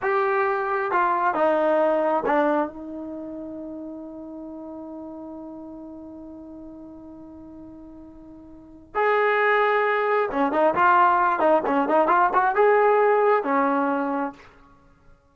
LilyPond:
\new Staff \with { instrumentName = "trombone" } { \time 4/4 \tempo 4 = 134 g'2 f'4 dis'4~ | dis'4 d'4 dis'2~ | dis'1~ | dis'1~ |
dis'1 | gis'2. cis'8 dis'8 | f'4. dis'8 cis'8 dis'8 f'8 fis'8 | gis'2 cis'2 | }